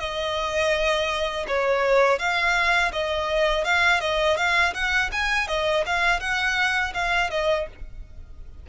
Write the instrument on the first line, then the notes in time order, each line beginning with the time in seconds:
violin
0.00 D#5
1.48 C#5
2.19 F5
2.93 D#5
3.65 F5
4.01 D#5
4.37 F5
4.74 F#5
5.12 G#5
5.48 D#5
5.86 F5
6.20 F#5
6.94 F5
7.31 D#5